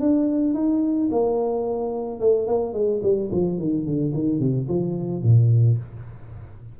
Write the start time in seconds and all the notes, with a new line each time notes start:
0.00 D4
0.54 D#4
1.11 A#3
2.20 A3
2.47 A#3
2.73 G#3
3.03 G3
3.32 F3
3.59 D#3
3.86 D3
4.14 D#3
4.40 C3
4.69 F3
5.23 A#2